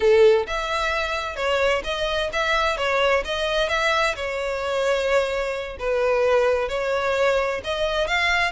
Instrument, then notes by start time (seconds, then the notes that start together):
violin
0.00 A4
0.46 E5
1.36 C#5
1.84 D#5
2.33 E5
2.77 C#5
3.24 D#5
3.68 E5
4.15 C#5
5.79 B4
6.69 C#5
7.64 D#5
8.07 F5